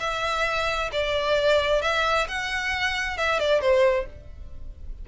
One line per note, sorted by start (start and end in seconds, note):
0.00 0.90 E5
0.92 1.82 D5
1.82 2.27 E5
2.28 3.17 F#5
3.17 3.39 E5
3.39 3.61 D5
3.61 4.06 C5